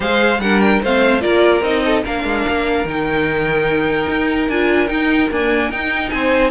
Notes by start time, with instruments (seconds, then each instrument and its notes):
0.00 cello G#3, viola G#4, violin C5 F5
0.38 cello G3, viola D4, violin A#4 F#5
0.61 violin G5
0.82 cello A3, viola C4, violin C5 F5
1.20 cello A#3, viola F4, violin A#4 D5
1.61 cello C4, viola D#4, violin D#5
1.85 violin A4
2.03 cello A#3, viola D4, violin A#4 F5
2.24 cello G#3
2.48 cello A#3
2.84 cello D#3, viola D#4, violin G5
4.07 cello D#4
4.48 cello D4, viola F4, violin G#5
4.87 viola D#4, cello D#4, violin G5
5.30 viola A#3, cello D4, violin G#5
5.71 cello D#4, viola D#4, violin G5
6.09 cello C4, violin C5 G#5